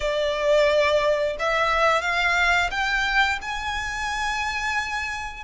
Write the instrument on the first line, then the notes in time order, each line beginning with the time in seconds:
violin
0.00 D5
1.39 E5
2.01 F5
2.71 G5
3.41 G#5